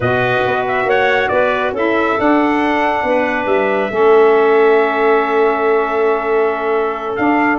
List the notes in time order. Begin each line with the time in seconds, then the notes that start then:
0.00 B2 F#4 B4 D#5
0.46 B3
0.68 E5
0.85 A#3 C#5 F#5
1.28 B3 B4 D5
1.72 C#4 E4 A4 E5
2.17 D4 F#5
3.03 B3 B4
3.45 G3 E5
3.90 A3 C#4 A4
7.16 D4 F5